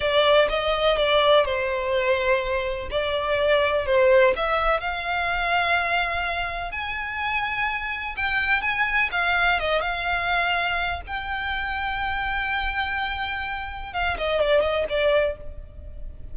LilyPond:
\new Staff \with { instrumentName = "violin" } { \time 4/4 \tempo 4 = 125 d''4 dis''4 d''4 c''4~ | c''2 d''2 | c''4 e''4 f''2~ | f''2 gis''2~ |
gis''4 g''4 gis''4 f''4 | dis''8 f''2~ f''8 g''4~ | g''1~ | g''4 f''8 dis''8 d''8 dis''8 d''4 | }